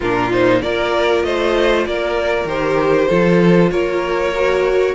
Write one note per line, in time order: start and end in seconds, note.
0.00 0.62 A#2
0.00 0.31 D4
0.00 0.61 F4
0.00 0.32 A#4
0.31 0.61 D#4
0.31 0.61 C5
0.61 1.23 A#3
0.61 2.47 F4
0.61 1.25 A#4
0.61 1.23 D5
1.23 1.85 A3
1.23 1.87 C5
1.23 1.84 D#5
1.86 2.44 A#3
1.86 3.08 A#4
1.86 2.48 D5
2.44 3.06 D#3
2.44 3.09 G4
2.44 3.71 C5
3.08 3.71 F3
3.08 4.33 F4
3.08 3.70 A4
3.71 4.94 A#3
3.71 4.94 A#4
3.71 4.94 C#5
4.35 4.94 F#4